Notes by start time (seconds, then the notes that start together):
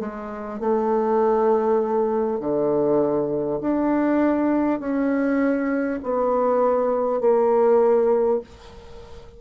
0.00 G#3
0.60 A3
2.39 D3
3.61 D4
4.80 C#4
6.03 B3
7.21 A#3